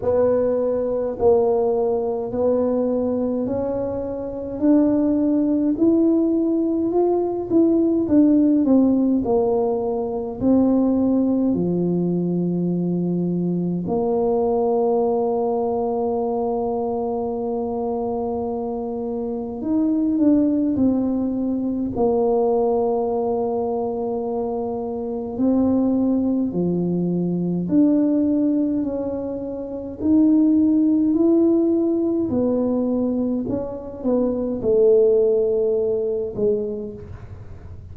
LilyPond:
\new Staff \with { instrumentName = "tuba" } { \time 4/4 \tempo 4 = 52 b4 ais4 b4 cis'4 | d'4 e'4 f'8 e'8 d'8 c'8 | ais4 c'4 f2 | ais1~ |
ais4 dis'8 d'8 c'4 ais4~ | ais2 c'4 f4 | d'4 cis'4 dis'4 e'4 | b4 cis'8 b8 a4. gis8 | }